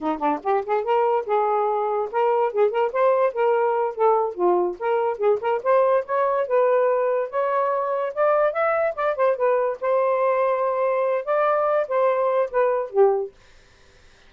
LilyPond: \new Staff \with { instrumentName = "saxophone" } { \time 4/4 \tempo 4 = 144 dis'8 d'8 g'8 gis'8 ais'4 gis'4~ | gis'4 ais'4 gis'8 ais'8 c''4 | ais'4. a'4 f'4 ais'8~ | ais'8 gis'8 ais'8 c''4 cis''4 b'8~ |
b'4. cis''2 d''8~ | d''8 e''4 d''8 c''8 b'4 c''8~ | c''2. d''4~ | d''8 c''4. b'4 g'4 | }